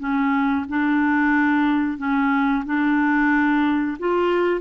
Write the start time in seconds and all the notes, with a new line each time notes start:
0.00 C#4
0.69 D4
1.98 C#4
2.66 D4
4.00 F4